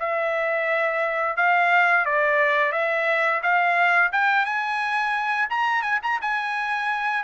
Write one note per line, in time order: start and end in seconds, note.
0.00 1.37 E5
1.37 2.06 F5
2.06 2.73 D5
2.73 3.42 E5
3.43 4.12 F5
4.13 4.46 G5
4.46 5.49 G#5
5.50 5.82 A#5
5.82 6.00 G#5
6.03 6.20 A#5
6.22 7.24 G#5